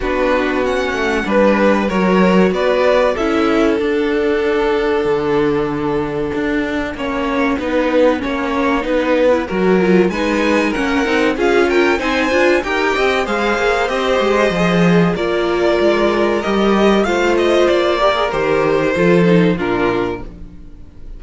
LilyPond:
<<
  \new Staff \with { instrumentName = "violin" } { \time 4/4 \tempo 4 = 95 b'4 fis''4 b'4 cis''4 | d''4 e''4 fis''2~ | fis''1~ | fis''1 |
gis''4 fis''4 f''8 g''8 gis''4 | g''4 f''4 dis''2 | d''2 dis''4 f''8 dis''8 | d''4 c''2 ais'4 | }
  \new Staff \with { instrumentName = "violin" } { \time 4/4 fis'2 b'4 ais'4 | b'4 a'2.~ | a'2. cis''4 | b'4 cis''4 b'4 ais'4 |
b'4 ais'4 gis'8 ais'8 c''4 | ais'8 dis''8 c''2. | ais'2. c''4~ | c''8 ais'4. a'4 f'4 | }
  \new Staff \with { instrumentName = "viola" } { \time 4/4 d'4 cis'4 d'4 fis'4~ | fis'4 e'4 d'2~ | d'2. cis'4 | dis'4 cis'4 dis'8. e'16 fis'8 f'8 |
dis'4 cis'8 dis'8 f'4 dis'8 f'8 | g'4 gis'4 g'4 gis'4 | f'2 g'4 f'4~ | f'8 g'16 gis'16 g'4 f'8 dis'8 d'4 | }
  \new Staff \with { instrumentName = "cello" } { \time 4/4 b4. a8 g4 fis4 | b4 cis'4 d'2 | d2 d'4 ais4 | b4 ais4 b4 fis4 |
gis4 ais8 c'8 cis'4 c'8 d'8 | dis'8 c'8 gis8 ais8 c'8 gis8 f4 | ais4 gis4 g4 a4 | ais4 dis4 f4 ais,4 | }
>>